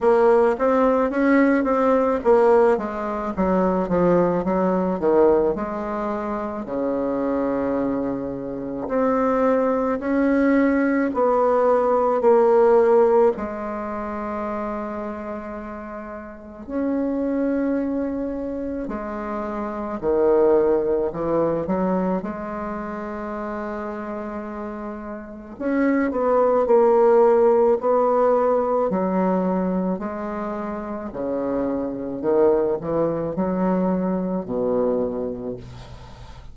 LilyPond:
\new Staff \with { instrumentName = "bassoon" } { \time 4/4 \tempo 4 = 54 ais8 c'8 cis'8 c'8 ais8 gis8 fis8 f8 | fis8 dis8 gis4 cis2 | c'4 cis'4 b4 ais4 | gis2. cis'4~ |
cis'4 gis4 dis4 e8 fis8 | gis2. cis'8 b8 | ais4 b4 fis4 gis4 | cis4 dis8 e8 fis4 b,4 | }